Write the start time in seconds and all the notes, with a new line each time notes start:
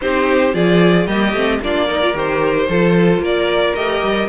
0.01 C4 D#4 G4 C5
0.52 F3 F4 G#4 D5
1.06 G3 A#3 G4 D#5
1.33 A3 C4
1.60 A#3 D4 F4 D5
1.87 D#4 A#4
2.01 F4
2.14 D#3 G4 C5
2.69 F3 F4 A4
3.18 A#3 A#4 D5
3.75 A3 G4 D#5
4.02 G3